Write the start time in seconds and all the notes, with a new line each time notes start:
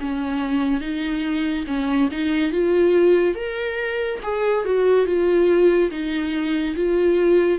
0.00 C#4
0.80 D#4
1.67 C#4
2.11 D#4
2.52 F4
3.35 A#4
4.23 G#4
4.65 F#4
5.06 F4
5.90 D#4
6.76 F4